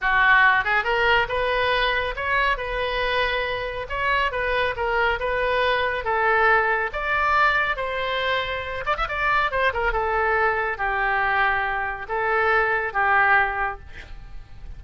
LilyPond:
\new Staff \with { instrumentName = "oboe" } { \time 4/4 \tempo 4 = 139 fis'4. gis'8 ais'4 b'4~ | b'4 cis''4 b'2~ | b'4 cis''4 b'4 ais'4 | b'2 a'2 |
d''2 c''2~ | c''8 d''16 e''16 d''4 c''8 ais'8 a'4~ | a'4 g'2. | a'2 g'2 | }